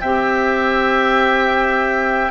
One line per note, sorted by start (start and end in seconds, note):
0.00 2.30 C4
0.00 2.30 G4
0.00 2.30 E5
0.00 2.30 G5